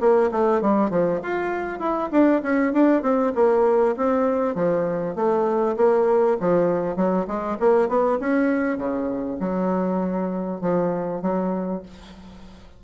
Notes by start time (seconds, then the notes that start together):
0.00 A#3
0.31 A3
0.61 G3
0.90 F3
1.22 F4
1.79 E4
2.11 D4
2.43 C#4
2.73 D4
3.02 C4
3.35 A#3
3.96 C4
4.55 F3
5.15 A3
5.77 A#3
6.40 F3
6.96 F#3
7.27 G#3
7.60 A#3
7.88 B3
8.20 C#4
8.78 C#3
9.40 F#3
10.61 F3
11.22 F#3